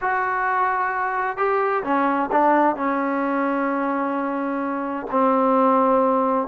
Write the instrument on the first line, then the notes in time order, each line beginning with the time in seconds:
trombone
0.01 F#4
1.37 G4
1.83 C#4
2.31 D4
2.76 C#4
5.10 C4